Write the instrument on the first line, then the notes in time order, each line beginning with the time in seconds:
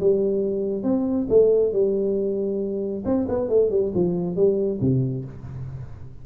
tuba
0.00 G3
0.83 C4
1.29 A3
1.72 G3
3.05 C4
3.28 B3
3.49 A3
3.70 G3
3.94 F3
4.36 G3
4.81 C3